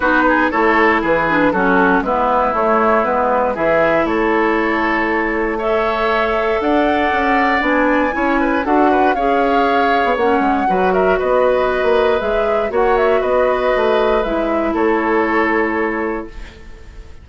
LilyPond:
<<
  \new Staff \with { instrumentName = "flute" } { \time 4/4 \tempo 4 = 118 b'4 cis''4 b'4 a'4 | b'4 cis''4 b'4 e''4 | cis''2. e''4~ | e''4 fis''2 gis''4~ |
gis''4 fis''4 f''2 | fis''4. e''8 dis''2 | e''4 fis''8 e''8 dis''2 | e''4 cis''2. | }
  \new Staff \with { instrumentName = "oboe" } { \time 4/4 fis'8 gis'8 a'4 gis'4 fis'4 | e'2. gis'4 | a'2. cis''4~ | cis''4 d''2. |
cis''8 b'8 a'8 b'8 cis''2~ | cis''4 b'8 ais'8 b'2~ | b'4 cis''4 b'2~ | b'4 a'2. | }
  \new Staff \with { instrumentName = "clarinet" } { \time 4/4 dis'4 e'4. d'8 cis'4 | b4 a4 b4 e'4~ | e'2. a'4~ | a'2. d'4 |
e'4 fis'4 gis'2 | cis'4 fis'2. | gis'4 fis'2. | e'1 | }
  \new Staff \with { instrumentName = "bassoon" } { \time 4/4 b4 a4 e4 fis4 | gis4 a4 gis4 e4 | a1~ | a4 d'4 cis'4 b4 |
cis'4 d'4 cis'4.~ cis'16 b16 | ais8 gis8 fis4 b4~ b16 ais8. | gis4 ais4 b4 a4 | gis4 a2. | }
>>